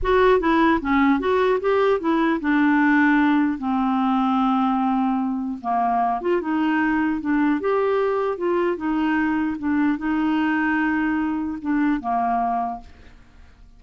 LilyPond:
\new Staff \with { instrumentName = "clarinet" } { \time 4/4 \tempo 4 = 150 fis'4 e'4 cis'4 fis'4 | g'4 e'4 d'2~ | d'4 c'2.~ | c'2 ais4. f'8 |
dis'2 d'4 g'4~ | g'4 f'4 dis'2 | d'4 dis'2.~ | dis'4 d'4 ais2 | }